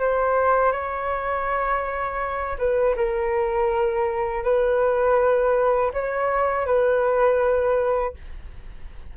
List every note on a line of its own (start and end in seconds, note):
0.00 0.72 C5
0.72 2.58 C#5
2.59 2.96 B4
2.96 4.44 A#4
4.44 5.92 B4
5.94 6.66 C#5
6.66 8.14 B4